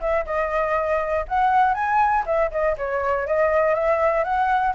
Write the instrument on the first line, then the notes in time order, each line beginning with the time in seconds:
flute
0.00 E5
0.25 D#5
1.27 F#5
1.74 G#5
2.26 E5
2.51 D#5
2.77 C#5
3.27 D#5
3.74 E5
4.24 F#5